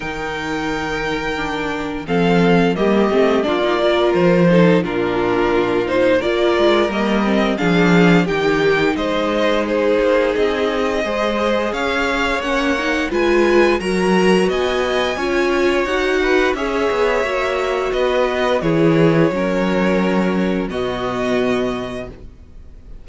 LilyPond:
<<
  \new Staff \with { instrumentName = "violin" } { \time 4/4 \tempo 4 = 87 g''2. f''4 | dis''4 d''4 c''4 ais'4~ | ais'8 c''8 d''4 dis''4 f''4 | g''4 dis''4 c''4 dis''4~ |
dis''4 f''4 fis''4 gis''4 | ais''4 gis''2 fis''4 | e''2 dis''4 cis''4~ | cis''2 dis''2 | }
  \new Staff \with { instrumentName = "violin" } { \time 4/4 ais'2. a'4 | g'4 f'8 ais'4 a'8 f'4~ | f'4 ais'2 gis'4 | g'4 c''4 gis'2 |
c''4 cis''2 b'4 | ais'4 dis''4 cis''4. b'8 | cis''2 b'4 gis'4 | ais'2 fis'2 | }
  \new Staff \with { instrumentName = "viola" } { \time 4/4 dis'2 d'4 c'4 | ais8 c'8 d'16 dis'16 f'4 dis'8 d'4~ | d'8 dis'8 f'4 ais8 c'8 d'4 | dis'1 |
gis'2 cis'8 dis'8 f'4 | fis'2 f'4 fis'4 | gis'4 fis'2 e'4 | cis'2 b2 | }
  \new Staff \with { instrumentName = "cello" } { \time 4/4 dis2. f4 | g8 a8 ais4 f4 ais,4~ | ais,4 ais8 gis8 g4 f4 | dis4 gis4. ais8 c'4 |
gis4 cis'4 ais4 gis4 | fis4 b4 cis'4 dis'4 | cis'8 b8 ais4 b4 e4 | fis2 b,2 | }
>>